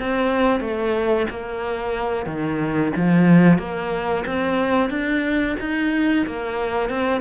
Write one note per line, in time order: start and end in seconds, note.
0.00 0.61 C4
0.61 1.27 A3
1.31 2.26 A#3
2.26 2.92 D#3
2.97 3.59 F3
3.59 4.25 A#3
4.26 4.91 C4
4.91 5.57 D4
5.60 6.26 D#4
6.27 6.90 A#3
6.90 7.22 C4